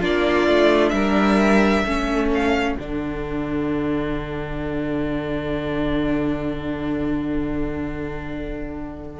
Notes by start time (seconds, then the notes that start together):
0.00 A#3 D4 F4 D5
0.47 A3
0.89 G3 A#4 E5
1.84 A3 C#4 A4
2.34 F5
2.76 D3 D4 F#5